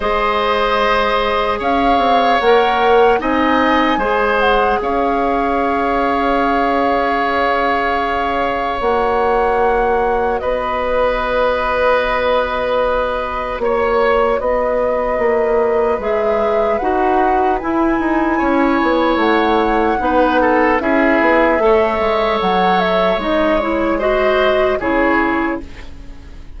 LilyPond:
<<
  \new Staff \with { instrumentName = "flute" } { \time 4/4 \tempo 4 = 75 dis''2 f''4 fis''4 | gis''4. fis''8 f''2~ | f''2. fis''4~ | fis''4 dis''2.~ |
dis''4 cis''4 dis''2 | e''4 fis''4 gis''2 | fis''2 e''2 | fis''8 e''8 dis''8 cis''8 dis''4 cis''4 | }
  \new Staff \with { instrumentName = "oboe" } { \time 4/4 c''2 cis''2 | dis''4 c''4 cis''2~ | cis''1~ | cis''4 b'2.~ |
b'4 cis''4 b'2~ | b'2. cis''4~ | cis''4 b'8 a'8 gis'4 cis''4~ | cis''2 c''4 gis'4 | }
  \new Staff \with { instrumentName = "clarinet" } { \time 4/4 gis'2. ais'4 | dis'4 gis'2.~ | gis'2. fis'4~ | fis'1~ |
fis'1 | gis'4 fis'4 e'2~ | e'4 dis'4 e'4 a'4~ | a'4 dis'8 e'8 fis'4 e'4 | }
  \new Staff \with { instrumentName = "bassoon" } { \time 4/4 gis2 cis'8 c'8 ais4 | c'4 gis4 cis'2~ | cis'2. ais4~ | ais4 b2.~ |
b4 ais4 b4 ais4 | gis4 dis'4 e'8 dis'8 cis'8 b8 | a4 b4 cis'8 b8 a8 gis8 | fis4 gis2 cis4 | }
>>